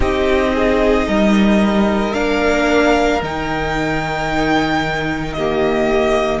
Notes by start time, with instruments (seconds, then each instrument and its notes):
0.00 cello C4, viola D#4, violin G4 D#5
0.54 violin G#4
1.07 cello G3, violin A#4
2.13 cello A#3, viola D4, violin F5
3.22 cello D#3, viola D#4, violin G5
5.32 viola A#3, violin G4 D#5